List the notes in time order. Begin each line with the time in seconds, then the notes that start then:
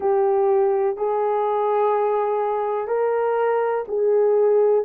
0.00 G4
0.97 G#4
2.87 A#4
3.88 G#4